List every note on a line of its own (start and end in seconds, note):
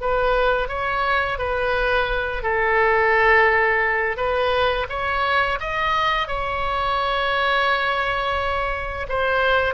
0.00 0.68 B4
0.68 1.38 C#5
1.38 2.43 B4
2.43 4.17 A4
4.17 4.86 B4
4.89 5.59 C#5
5.60 6.28 D#5
6.28 9.07 C#5
9.09 9.74 C5